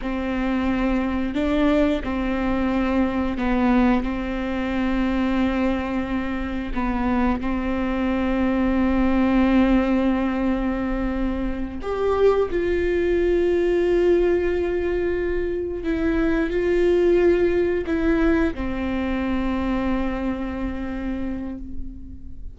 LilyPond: \new Staff \with { instrumentName = "viola" } { \time 4/4 \tempo 4 = 89 c'2 d'4 c'4~ | c'4 b4 c'2~ | c'2 b4 c'4~ | c'1~ |
c'4. g'4 f'4.~ | f'2.~ f'8 e'8~ | e'8 f'2 e'4 c'8~ | c'1 | }